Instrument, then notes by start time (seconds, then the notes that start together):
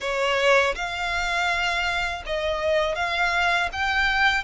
violin
0.00 C#5
0.75 F5
2.26 D#5
2.95 F5
3.72 G5